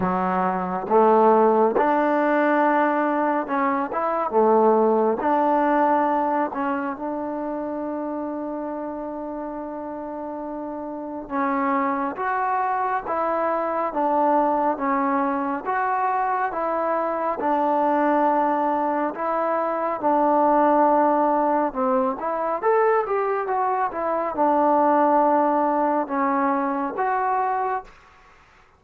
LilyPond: \new Staff \with { instrumentName = "trombone" } { \time 4/4 \tempo 4 = 69 fis4 a4 d'2 | cis'8 e'8 a4 d'4. cis'8 | d'1~ | d'4 cis'4 fis'4 e'4 |
d'4 cis'4 fis'4 e'4 | d'2 e'4 d'4~ | d'4 c'8 e'8 a'8 g'8 fis'8 e'8 | d'2 cis'4 fis'4 | }